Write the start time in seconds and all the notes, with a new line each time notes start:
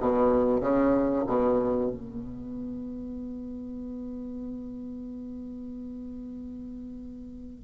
0.00 B2
0.61 C#3
1.27 B2
1.91 B3